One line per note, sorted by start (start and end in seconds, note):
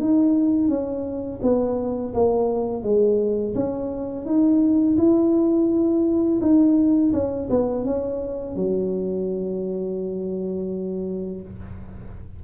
0.00 0.69 D#4
0.69 1.40 C#4
1.43 2.14 B3
2.14 2.83 A#3
2.83 3.55 G#3
3.55 4.26 C#4
4.26 4.97 D#4
4.98 6.41 E4
6.42 7.13 D#4
7.13 7.49 C#4
7.50 7.85 B3
7.85 8.56 C#4
8.56 11.42 F#3